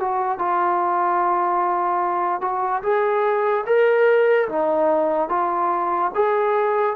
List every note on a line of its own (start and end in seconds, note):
0.00 0.39 F#4
0.39 2.41 F4
2.41 2.82 F#4
2.83 3.65 G#4
3.66 4.48 A#4
4.49 5.29 D#4
5.29 6.12 F4
6.15 6.96 G#4